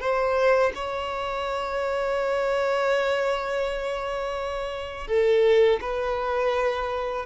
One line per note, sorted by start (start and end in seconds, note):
0.00 0.72 C5
0.75 5.07 C#5
5.07 5.80 A4
5.81 7.26 B4